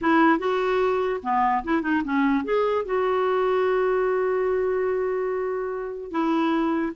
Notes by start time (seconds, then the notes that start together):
0.01 E4
0.38 F#4
1.22 B3
1.64 E4
1.82 D#4
2.04 C#4
2.44 G#4
2.85 F#4
6.11 E4